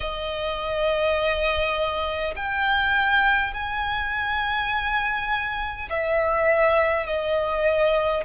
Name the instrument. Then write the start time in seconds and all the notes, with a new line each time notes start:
violin
0.00 D#5
2.35 G5
3.53 G#5
5.89 E5
7.06 D#5